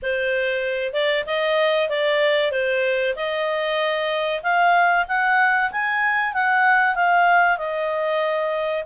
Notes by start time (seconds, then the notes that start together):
0.02 C5
0.93 D5
1.26 D#5
1.89 D5
2.51 C5
3.15 D#5
4.42 F5
5.08 F#5
5.71 G#5
6.33 F#5
6.95 F5
7.57 D#5